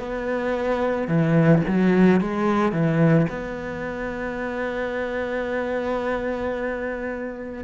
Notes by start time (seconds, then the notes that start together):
0.00 B3
1.08 E3
1.68 F#3
2.21 G#3
2.73 E3
3.30 B3